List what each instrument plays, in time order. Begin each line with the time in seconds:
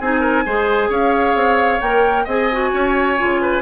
0.00 bassoon C4, clarinet D#4, oboe G#4, flute G#5
0.21 oboe A#4
0.46 bassoon G#3, clarinet G#4, oboe C5
0.90 bassoon C#4, oboe C#5, flute F5
1.35 bassoon C4
1.81 bassoon A#3, clarinet A#4, flute G5
2.25 bassoon C4, clarinet G#4, oboe D#5, flute G#5
2.52 clarinet F#4
2.74 bassoon C#4, oboe C#5
3.18 bassoon C#3, clarinet F4
3.42 oboe B4